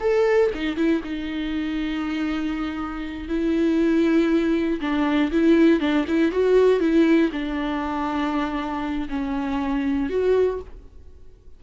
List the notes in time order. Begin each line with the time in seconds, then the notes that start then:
0.00 A4
0.54 D#4
0.76 E4
1.04 D#4
3.28 E4
4.81 D4
5.31 E4
5.80 D4
6.08 E4
6.31 F#4
6.80 E4
7.32 D4
9.09 C#4
10.09 F#4